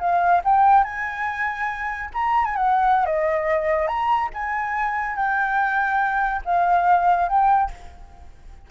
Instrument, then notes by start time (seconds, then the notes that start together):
flute
0.00 F5
0.45 G5
0.84 G#5
2.14 A#5
2.46 G#5
2.56 F#5
3.06 D#5
3.88 A#5
4.34 G#5
5.16 G5
6.46 F5
7.29 G5